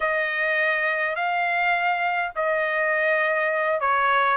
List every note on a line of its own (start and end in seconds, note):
0.00 1.15 D#5
1.15 2.31 F5
2.35 3.80 D#5
3.80 4.37 C#5